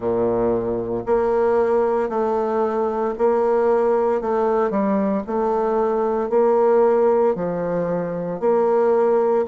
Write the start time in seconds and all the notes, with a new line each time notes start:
0.00 A#2
1.06 A#3
2.09 A3
3.18 A#3
4.21 A3
4.70 G3
5.26 A3
6.29 A#3
7.35 F3
8.40 A#3